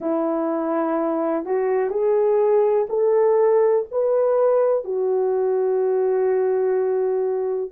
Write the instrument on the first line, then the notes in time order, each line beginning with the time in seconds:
horn
0.00 E4
1.45 F#4
1.90 G#4
2.89 A4
3.91 B4
4.84 F#4